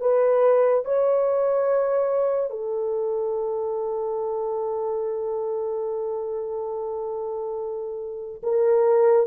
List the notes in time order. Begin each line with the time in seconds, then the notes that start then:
0.00 B4
0.85 C#5
2.50 A4
8.43 A#4